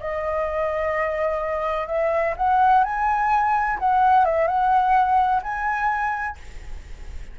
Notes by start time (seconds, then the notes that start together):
0.00 D#5
1.88 E5
2.37 F#5
2.84 G#5
3.79 F#5
4.25 E5
4.48 F#5
5.43 G#5